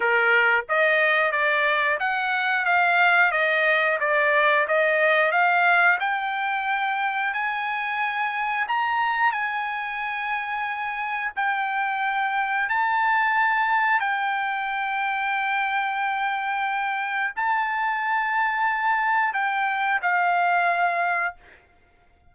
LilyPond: \new Staff \with { instrumentName = "trumpet" } { \time 4/4 \tempo 4 = 90 ais'4 dis''4 d''4 fis''4 | f''4 dis''4 d''4 dis''4 | f''4 g''2 gis''4~ | gis''4 ais''4 gis''2~ |
gis''4 g''2 a''4~ | a''4 g''2.~ | g''2 a''2~ | a''4 g''4 f''2 | }